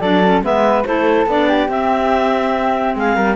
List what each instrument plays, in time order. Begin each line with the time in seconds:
0.00 cello F#3, clarinet D4 D5, flute A4
0.24 clarinet C#4
0.42 cello G#3, clarinet B3 E5, flute B4
0.85 cello A3, clarinet E4 C5, flute A4
1.26 cello B3, clarinet D4 D5
1.48 flute G4
1.68 cello C4, clarinet C4 E5
2.95 cello G#3, flute G#4, clarinet F5
3.15 cello G3, flute A#4